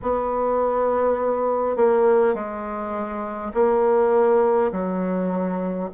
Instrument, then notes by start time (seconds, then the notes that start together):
bassoon
0.02 B3
1.76 A#3
2.34 G#3
3.53 A#3
4.72 F#3